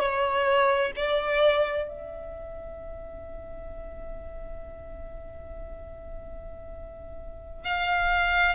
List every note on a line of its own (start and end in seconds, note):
0.00 0.92 C#5
0.97 1.88 D5
1.88 7.65 E5
7.65 8.55 F5